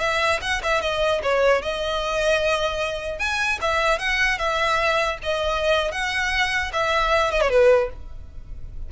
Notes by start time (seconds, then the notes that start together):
0.00 E5
0.42 F#5
0.63 E5
0.81 D#5
1.23 C#5
1.62 D#5
3.19 G#5
3.61 E5
3.99 F#5
4.39 E5
5.23 D#5
5.92 F#5
6.73 E5
7.31 D#5
7.41 C#5
7.50 B4